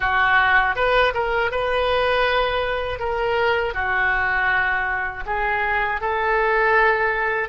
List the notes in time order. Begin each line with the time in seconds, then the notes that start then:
0.00 F#4
0.75 B4
1.14 A#4
1.51 B4
2.99 A#4
3.73 F#4
5.26 G#4
6.00 A4